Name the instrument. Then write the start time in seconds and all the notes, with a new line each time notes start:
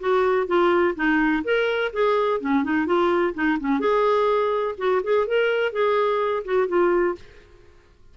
clarinet
0.00 F#4
0.47 F4
0.95 D#4
1.44 A#4
1.93 G#4
2.41 C#4
2.64 D#4
2.87 F4
3.34 D#4
3.60 C#4
3.80 G#4
4.78 F#4
5.03 G#4
5.27 A#4
5.72 G#4
6.45 F#4
6.68 F4